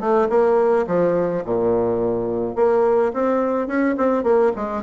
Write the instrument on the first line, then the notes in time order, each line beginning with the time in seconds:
bassoon
0.00 A3
0.29 A#3
0.87 F3
1.45 A#2
2.56 A#3
3.14 C4
3.67 C#4
3.98 C4
4.24 A#3
4.56 G#3